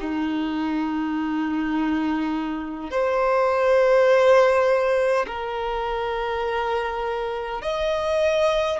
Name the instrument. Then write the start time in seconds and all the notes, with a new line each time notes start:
violin
0.00 D#4
2.90 C5
5.27 A#4
7.61 D#5